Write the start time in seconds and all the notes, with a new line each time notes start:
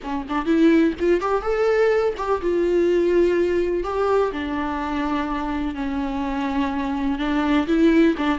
0.03 C#4
0.28 D4
0.45 E4
0.99 F4
1.20 G4
1.42 A4
2.17 G4
2.41 F4
3.83 G4
4.32 D4
5.75 C#4
7.19 D4
7.67 E4
8.17 D4